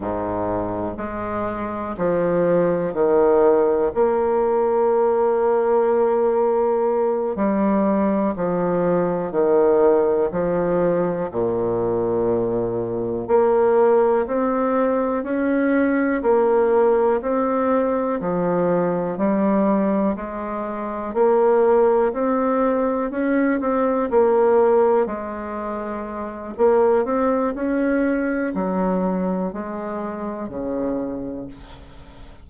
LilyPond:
\new Staff \with { instrumentName = "bassoon" } { \time 4/4 \tempo 4 = 61 gis,4 gis4 f4 dis4 | ais2.~ ais8 g8~ | g8 f4 dis4 f4 ais,8~ | ais,4. ais4 c'4 cis'8~ |
cis'8 ais4 c'4 f4 g8~ | g8 gis4 ais4 c'4 cis'8 | c'8 ais4 gis4. ais8 c'8 | cis'4 fis4 gis4 cis4 | }